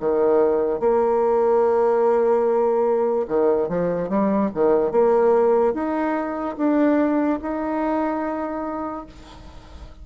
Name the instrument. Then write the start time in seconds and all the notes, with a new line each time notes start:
bassoon
0.00 D#3
0.80 A#3
3.28 D#3
3.69 F3
4.09 G3
4.54 D#3
4.92 A#3
5.74 D#4
6.58 D4
7.42 D#4